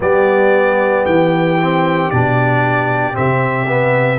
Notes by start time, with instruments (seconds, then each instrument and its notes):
0.00 tuba G3, trombone B3, horn G4, trumpet D5
1.05 tuba E3, trumpet G5
1.62 trombone C4
2.10 tuba B2, trombone D4, trumpet D5
3.13 tuba C3, trombone C4, trumpet E5
3.68 trombone B3